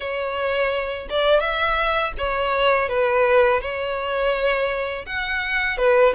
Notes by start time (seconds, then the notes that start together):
0.00 C#5
1.09 D5
1.40 E5
2.18 C#5
2.88 B4
3.61 C#5
5.06 F#5
5.77 B4